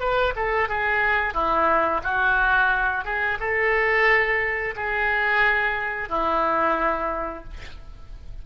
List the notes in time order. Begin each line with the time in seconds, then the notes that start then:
0.00 B4
0.36 A4
0.69 G#4
1.34 E4
2.04 F#4
3.05 G#4
3.40 A4
4.77 G#4
6.09 E4